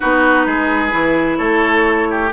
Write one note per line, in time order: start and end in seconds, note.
0.00 0.46 B3
0.00 0.90 D#4
0.00 0.46 F#4
0.00 1.37 B4
0.46 0.92 G#3
0.46 1.38 G#4
0.90 1.39 E3
0.90 2.29 E4
1.37 2.32 A3
1.37 2.07 A4
1.37 2.30 C#5
2.10 2.32 G4